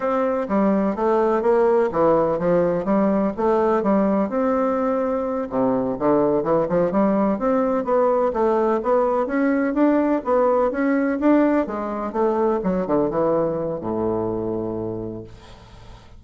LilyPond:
\new Staff \with { instrumentName = "bassoon" } { \time 4/4 \tempo 4 = 126 c'4 g4 a4 ais4 | e4 f4 g4 a4 | g4 c'2~ c'8 c8~ | c8 d4 e8 f8 g4 c'8~ |
c'8 b4 a4 b4 cis'8~ | cis'8 d'4 b4 cis'4 d'8~ | d'8 gis4 a4 fis8 d8 e8~ | e4 a,2. | }